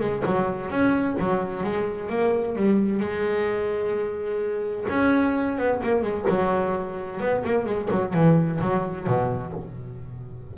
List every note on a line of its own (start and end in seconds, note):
0.00 0.23 G#3
0.26 0.70 F#3
0.70 1.17 C#4
1.19 1.64 F#3
1.64 2.10 G#3
2.10 2.56 A#3
2.56 3.00 G3
3.00 4.86 G#3
4.89 5.58 C#4
5.58 5.81 B3
5.83 6.02 A#3
6.02 6.26 G#3
6.29 7.21 F#3
7.21 7.44 B3
7.45 7.66 A#3
7.66 7.89 G#3
7.91 8.14 F#3
8.14 8.60 E3
8.61 9.07 F#3
9.07 9.53 B2